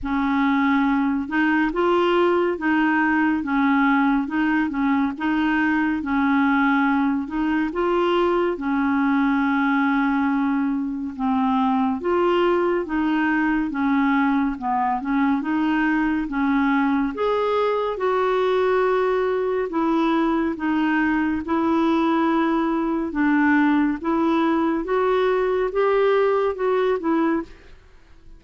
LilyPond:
\new Staff \with { instrumentName = "clarinet" } { \time 4/4 \tempo 4 = 70 cis'4. dis'8 f'4 dis'4 | cis'4 dis'8 cis'8 dis'4 cis'4~ | cis'8 dis'8 f'4 cis'2~ | cis'4 c'4 f'4 dis'4 |
cis'4 b8 cis'8 dis'4 cis'4 | gis'4 fis'2 e'4 | dis'4 e'2 d'4 | e'4 fis'4 g'4 fis'8 e'8 | }